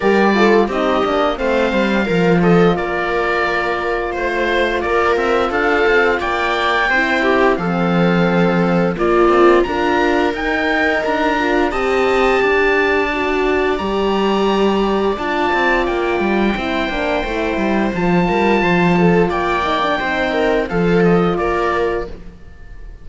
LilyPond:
<<
  \new Staff \with { instrumentName = "oboe" } { \time 4/4 \tempo 4 = 87 d''4 dis''4 f''4. dis''8 | d''2 c''4 d''8 e''8 | f''4 g''2 f''4~ | f''4 d''4 ais''4 g''4 |
ais''4 a''2. | ais''2 a''4 g''4~ | g''2 a''2 | g''2 f''8 dis''8 d''4 | }
  \new Staff \with { instrumentName = "viola" } { \time 4/4 ais'8 a'8 g'4 c''4 ais'8 a'8 | ais'2 c''4 ais'4 | a'4 d''4 c''8 g'8 a'4~ | a'4 f'4 ais'2~ |
ais'4 dis''4 d''2~ | d''1 | c''2~ c''8 ais'8 c''8 a'8 | d''4 c''8 ais'8 a'4 ais'4 | }
  \new Staff \with { instrumentName = "horn" } { \time 4/4 g'8 f'8 dis'8 d'8 c'4 f'4~ | f'1~ | f'2 e'4 c'4~ | c'4 ais4 f'4 dis'4~ |
dis'8 f'8 g'2 fis'4 | g'2 f'2 | e'8 d'8 e'4 f'2~ | f'8 dis'16 d'16 dis'4 f'2 | }
  \new Staff \with { instrumentName = "cello" } { \time 4/4 g4 c'8 ais8 a8 g8 f4 | ais2 a4 ais8 c'8 | d'8 c'8 ais4 c'4 f4~ | f4 ais8 c'8 d'4 dis'4 |
d'4 c'4 d'2 | g2 d'8 c'8 ais8 g8 | c'8 ais8 a8 g8 f8 g8 f4 | ais4 c'4 f4 ais4 | }
>>